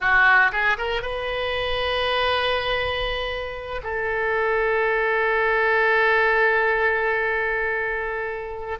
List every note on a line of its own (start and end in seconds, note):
0.00 0.51 F#4
0.52 0.77 G#4
0.77 1.02 A#4
1.02 3.81 B4
3.83 8.78 A4